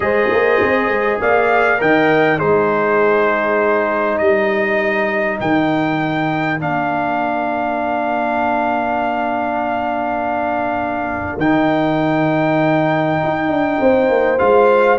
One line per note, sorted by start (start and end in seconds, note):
0.00 0.29 G#3
0.00 1.78 G#4
0.00 1.21 C5
0.00 1.20 D#5
0.30 0.60 A#3
0.61 0.88 C4
0.88 1.18 G#3
1.21 1.81 A#3
1.21 1.80 D5
1.21 1.81 F5
1.78 2.41 D#3
1.78 2.38 A#4
1.78 2.38 D#5
1.78 2.39 G5
2.38 4.20 G#3
2.38 6.59 D#4
2.38 4.18 G#4
2.38 4.18 C5
4.18 5.40 G3
4.18 13.78 A#4
4.18 5.38 D#5
5.40 6.60 D#3
5.40 6.60 G5
6.59 11.37 A#3
6.59 11.39 D4
6.59 11.39 F5
11.37 13.17 D#3
11.37 14.38 D#4
11.37 14.38 G5
13.23 13.48 D#4
13.48 13.78 D4
13.80 14.09 C4
13.80 14.98 C5
14.09 14.39 A#3
14.38 14.98 G#3
14.38 14.98 F4
14.38 14.98 F5